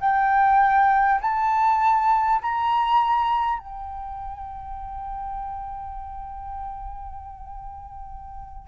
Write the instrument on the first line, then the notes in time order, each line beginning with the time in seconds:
flute
0.00 G5
1.21 A5
2.42 A#5
3.59 G5